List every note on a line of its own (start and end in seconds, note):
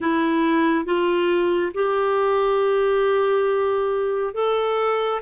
0.00 0.85 E4
0.85 1.72 F4
1.74 4.34 G4
4.34 5.21 A4